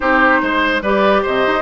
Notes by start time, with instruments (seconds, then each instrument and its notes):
0.00 bassoon C4, clarinet D#4, oboe G4, flute C5
0.41 bassoon G#3, oboe C5
0.81 bassoon G3, clarinet G4, oboe B4, flute D5
1.22 bassoon C3, oboe C5, flute D#5
1.46 bassoon D#4